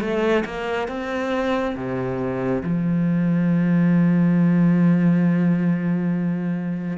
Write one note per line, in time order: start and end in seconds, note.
0.00 0.43 A3
0.45 0.88 A#3
0.88 1.75 C4
1.75 2.62 C3
2.63 6.97 F3